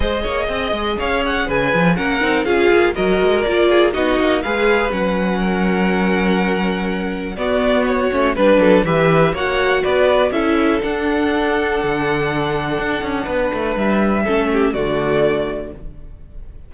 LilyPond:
<<
  \new Staff \with { instrumentName = "violin" } { \time 4/4 \tempo 4 = 122 dis''2 f''8 fis''8 gis''4 | fis''4 f''4 dis''4 d''4 | dis''4 f''4 fis''2~ | fis''2. d''4 |
cis''4 b'4 e''4 fis''4 | d''4 e''4 fis''2~ | fis''1 | e''2 d''2 | }
  \new Staff \with { instrumentName = "violin" } { \time 4/4 c''8 cis''8 dis''4 cis''4 b'4 | ais'4 gis'4 ais'4. gis'8 | fis'4 b'2 ais'4~ | ais'2. fis'4~ |
fis'4 b'8 a'8 b'4 cis''4 | b'4 a'2.~ | a'2. b'4~ | b'4 a'8 g'8 fis'2 | }
  \new Staff \with { instrumentName = "viola" } { \time 4/4 gis'1 | cis'8 dis'8 f'4 fis'4 f'4 | dis'4 gis'4 cis'2~ | cis'2. b4~ |
b8 cis'8 d'4 g'4 fis'4~ | fis'4 e'4 d'2~ | d'1~ | d'4 cis'4 a2 | }
  \new Staff \with { instrumentName = "cello" } { \time 4/4 gis8 ais8 c'8 gis8 cis'4 cis8 f8 | ais8 c'8 cis'8 ais8 fis8 gis8 ais4 | b8 ais8 gis4 fis2~ | fis2. b4~ |
b8 a8 g8 fis8 e4 ais4 | b4 cis'4 d'2 | d2 d'8 cis'8 b8 a8 | g4 a4 d2 | }
>>